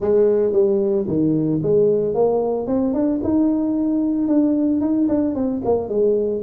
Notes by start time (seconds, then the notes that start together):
0.00 G#3
0.52 G3
1.07 D#3
1.62 G#3
2.14 A#3
2.66 C4
2.93 D4
3.23 D#4
4.28 D4
4.81 D#4
5.08 D4
5.34 C4
5.64 A#3
5.88 G#3